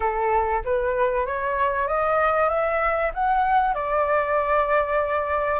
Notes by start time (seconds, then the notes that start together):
0.00 A4
0.64 B4
1.26 C#5
1.87 D#5
2.49 E5
3.13 F#5
3.74 D5